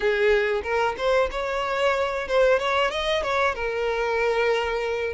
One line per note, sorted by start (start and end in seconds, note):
0.00 0.62 G#4
0.63 0.95 A#4
0.97 1.29 C5
1.31 2.28 C#5
2.28 2.59 C5
2.59 2.90 C#5
2.90 3.23 D#5
3.23 3.55 C#5
3.55 5.13 A#4